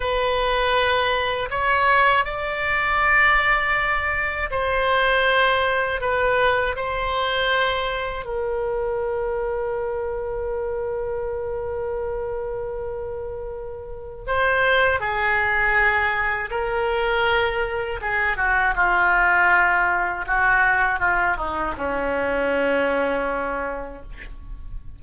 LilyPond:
\new Staff \with { instrumentName = "oboe" } { \time 4/4 \tempo 4 = 80 b'2 cis''4 d''4~ | d''2 c''2 | b'4 c''2 ais'4~ | ais'1~ |
ais'2. c''4 | gis'2 ais'2 | gis'8 fis'8 f'2 fis'4 | f'8 dis'8 cis'2. | }